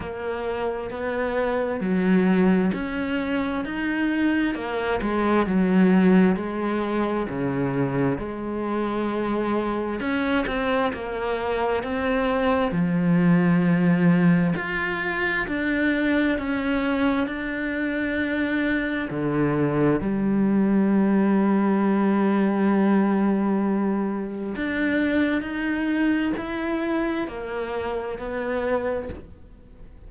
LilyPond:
\new Staff \with { instrumentName = "cello" } { \time 4/4 \tempo 4 = 66 ais4 b4 fis4 cis'4 | dis'4 ais8 gis8 fis4 gis4 | cis4 gis2 cis'8 c'8 | ais4 c'4 f2 |
f'4 d'4 cis'4 d'4~ | d'4 d4 g2~ | g2. d'4 | dis'4 e'4 ais4 b4 | }